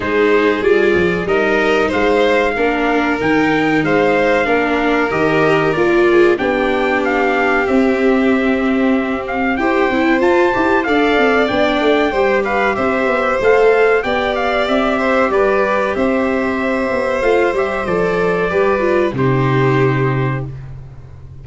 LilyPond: <<
  \new Staff \with { instrumentName = "trumpet" } { \time 4/4 \tempo 4 = 94 c''4 d''4 dis''4 f''4~ | f''4 g''4 f''2 | dis''4 d''4 g''4 f''4 | e''2~ e''8 f''8 g''4 |
a''4 f''4 g''4. f''8 | e''4 f''4 g''8 f''8 e''4 | d''4 e''2 f''8 e''8 | d''2 c''2 | }
  \new Staff \with { instrumentName = "violin" } { \time 4/4 gis'2 ais'4 c''4 | ais'2 c''4 ais'4~ | ais'4. gis'8 g'2~ | g'2. c''4~ |
c''4 d''2 c''8 b'8 | c''2 d''4. c''8 | b'4 c''2.~ | c''4 b'4 g'2 | }
  \new Staff \with { instrumentName = "viola" } { \time 4/4 dis'4 f'4 dis'2 | d'4 dis'2 d'4 | g'4 f'4 d'2 | c'2. g'8 e'8 |
f'8 g'8 a'4 d'4 g'4~ | g'4 a'4 g'2~ | g'2. f'8 g'8 | a'4 g'8 f'8 dis'2 | }
  \new Staff \with { instrumentName = "tuba" } { \time 4/4 gis4 g8 f8 g4 gis4 | ais4 dis4 gis4 ais4 | dis4 ais4 b2 | c'2. e'8 c'8 |
f'8 e'8 d'8 c'8 b8 a8 g4 | c'8 b8 a4 b4 c'4 | g4 c'4. b8 a8 g8 | f4 g4 c2 | }
>>